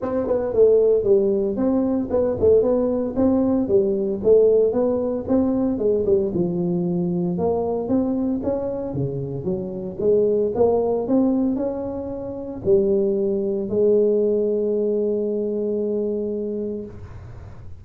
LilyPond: \new Staff \with { instrumentName = "tuba" } { \time 4/4 \tempo 4 = 114 c'8 b8 a4 g4 c'4 | b8 a8 b4 c'4 g4 | a4 b4 c'4 gis8 g8 | f2 ais4 c'4 |
cis'4 cis4 fis4 gis4 | ais4 c'4 cis'2 | g2 gis2~ | gis1 | }